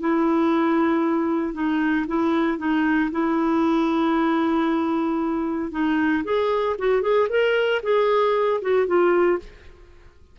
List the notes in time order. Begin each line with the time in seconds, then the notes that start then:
0.00 E4
1.54 D#4
2.07 E4
2.58 D#4
3.11 E4
5.72 D#4
6.24 G#4
6.78 F#4
7.02 G#4
7.29 A#4
7.83 G#4
8.62 F#4
8.87 F4